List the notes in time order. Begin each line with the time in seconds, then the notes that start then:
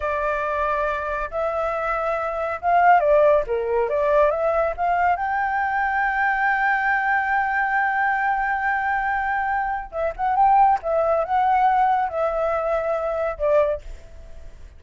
0.00 D5
1.30 E5
2.61 F5
2.99 D5
3.46 A#4
3.89 D5
4.30 E5
4.76 F5
5.16 G5
9.91 E5
10.16 F#5
10.36 G5
10.82 E5
11.24 F#5
12.09 E5
13.38 D5